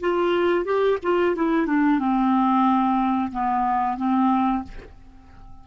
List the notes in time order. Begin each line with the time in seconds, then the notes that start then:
0.00 F4
0.64 G4
1.02 F4
1.35 E4
1.66 D4
1.99 C4
3.31 B3
3.97 C4